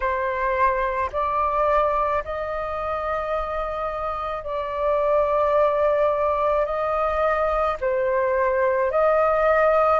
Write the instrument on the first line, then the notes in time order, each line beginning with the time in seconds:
flute
0.00 C5
1.12 D5
2.24 D#5
4.43 D5
6.65 D#5
7.80 C5
8.91 D#5